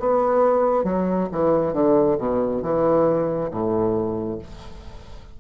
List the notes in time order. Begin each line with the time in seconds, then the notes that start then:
0.00 B3
0.84 F#3
1.32 E3
1.73 D3
2.18 B2
2.62 E3
3.51 A2